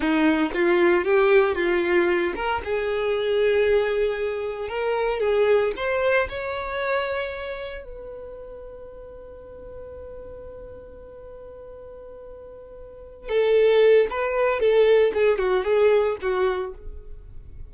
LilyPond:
\new Staff \with { instrumentName = "violin" } { \time 4/4 \tempo 4 = 115 dis'4 f'4 g'4 f'4~ | f'8 ais'8 gis'2.~ | gis'4 ais'4 gis'4 c''4 | cis''2. b'4~ |
b'1~ | b'1~ | b'4. a'4. b'4 | a'4 gis'8 fis'8 gis'4 fis'4 | }